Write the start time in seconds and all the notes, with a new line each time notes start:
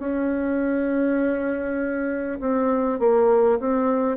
0.00 C#4
2.41 C4
3.00 A#3
3.60 C4